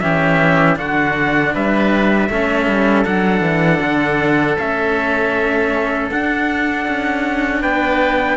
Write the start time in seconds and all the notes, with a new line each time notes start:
0.00 E3 C#4 G4 E5
0.76 D3 D4 F#4 F#5
1.54 G3 B4 E5
2.30 A3 C#4 A4
2.67 G3
3.05 F#3 D4 F#5
3.41 E3
3.82 D3
4.58 A3 C#4 E5
6.11 D4 F#5
6.88 C#4
7.62 B3 B4 G5